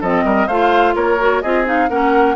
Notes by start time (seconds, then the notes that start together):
0.00 F3 C4 A4 D#5
0.24 G3 A#4
0.47 A3 F4 C5 F5
0.95 A#3 A#4 C#5
1.18 F#4
1.41 C4 F4 G#4 D#5
1.64 D#4 F5
1.89 A#3 C#4 A#4 F#5